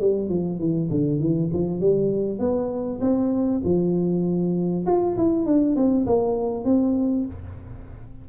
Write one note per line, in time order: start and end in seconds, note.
0.00 0.29 G3
0.29 0.59 F3
0.59 0.89 E3
0.90 1.20 D3
1.20 1.50 E3
1.53 1.80 F3
1.80 2.39 G3
2.39 2.99 B3
3.01 3.61 C4
3.64 4.85 F3
4.86 5.17 F4
5.17 5.45 E4
5.45 5.75 D4
5.75 6.06 C4
6.06 6.64 A#3
6.64 7.25 C4